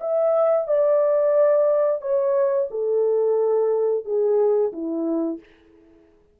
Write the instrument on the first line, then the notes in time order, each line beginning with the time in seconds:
horn
0.00 E5
0.67 D5
2.01 C#5
2.71 A4
4.05 G#4
4.73 E4